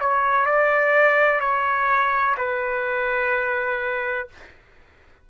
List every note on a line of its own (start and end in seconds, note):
0.00 0.46 C#5
0.46 1.40 D5
1.40 2.35 C#5
2.37 4.28 B4